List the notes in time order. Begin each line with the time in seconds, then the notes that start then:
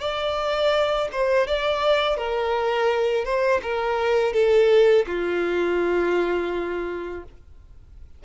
0.00 D5
1.12 C5
1.47 D5
2.17 A#4
3.25 C5
3.62 A#4
4.33 A4
5.07 F4